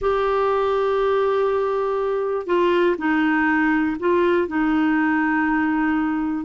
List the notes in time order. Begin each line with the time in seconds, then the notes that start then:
0.01 G4
2.46 F4
2.98 D#4
3.99 F4
4.47 D#4